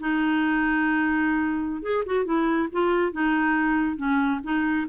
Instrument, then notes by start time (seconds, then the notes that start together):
clarinet
0.00 D#4
1.82 G#4
2.06 F#4
2.25 E4
2.72 F4
3.12 D#4
3.97 C#4
4.44 D#4